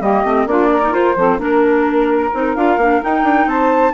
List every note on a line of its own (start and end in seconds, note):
0.00 0.23 G3
0.00 0.25 A#3
0.00 0.46 G4
0.00 0.47 D#5
0.25 0.46 A3
0.25 0.48 C4
0.46 0.92 A#3
0.46 0.82 D4
0.46 0.71 F4
0.46 0.94 D5
0.71 1.17 A#4
0.82 0.91 D#4
0.91 1.14 F4
0.91 1.16 F4
0.91 1.40 C5
1.16 1.38 F3
1.16 1.38 C4
1.16 1.40 A4
1.38 2.31 A#3
1.38 2.31 D4
1.38 3.48 A#4
1.38 2.55 A#4
2.33 2.56 C4
2.33 2.56 D#4
2.55 2.77 D4
2.55 2.79 F4
2.55 3.02 F5
2.77 3.00 A#3
2.77 3.01 D4
3.01 3.94 D#4
3.01 3.23 D#4
3.01 3.49 G5
3.23 3.46 D4
3.46 3.92 C4
3.46 3.94 C5
3.46 3.94 A5